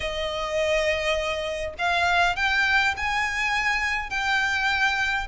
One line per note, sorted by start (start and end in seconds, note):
0.00 1.74 D#5
1.78 2.35 F5
2.35 2.94 G5
2.96 4.10 G#5
4.10 5.27 G5